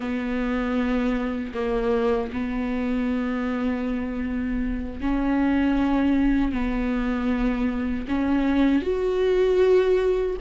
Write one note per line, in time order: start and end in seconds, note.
0.00 1.52 B3
1.54 2.31 A#3
2.33 5.00 B3
5.00 6.52 C#4
6.52 8.06 B3
8.08 8.81 C#4
8.81 10.35 F#4